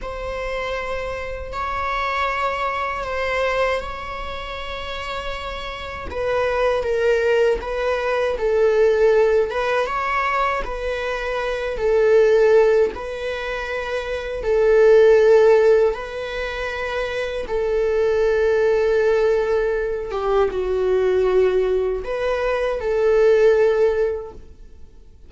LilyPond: \new Staff \with { instrumentName = "viola" } { \time 4/4 \tempo 4 = 79 c''2 cis''2 | c''4 cis''2. | b'4 ais'4 b'4 a'4~ | a'8 b'8 cis''4 b'4. a'8~ |
a'4 b'2 a'4~ | a'4 b'2 a'4~ | a'2~ a'8 g'8 fis'4~ | fis'4 b'4 a'2 | }